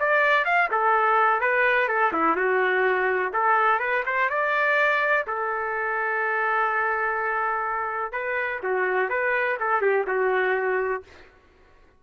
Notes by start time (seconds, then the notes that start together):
0.00 D5
0.45 F5
0.71 A4
1.41 B4
1.89 A4
2.13 E4
2.36 F#4
3.33 A4
3.79 B4
4.06 C5
4.29 D5
5.27 A4
8.13 B4
8.63 F#4
9.09 B4
9.60 A4
9.81 G4
10.07 F#4